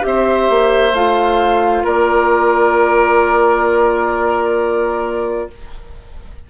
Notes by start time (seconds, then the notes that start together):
0.00 C4 G4 E5
0.06 C5
0.49 A#3
0.92 A3 F4 F5
1.84 A#3 A#4 D5